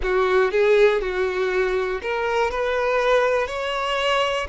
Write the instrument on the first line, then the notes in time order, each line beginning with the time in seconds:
violin
0.02 F#4
0.51 G#4
1.01 F#4
2.01 A#4
2.50 B4
3.47 C#5